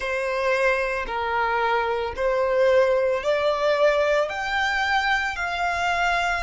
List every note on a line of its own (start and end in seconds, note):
0.00 1.05 C5
1.06 2.13 A#4
2.16 3.23 C5
3.23 4.29 D5
4.29 5.36 G5
5.36 6.43 F5